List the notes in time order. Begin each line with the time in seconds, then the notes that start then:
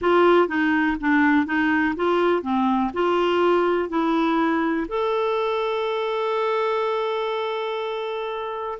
0.01 F4
0.48 D#4
1.00 D4
1.45 D#4
1.96 F4
2.42 C4
2.93 F4
3.89 E4
4.88 A4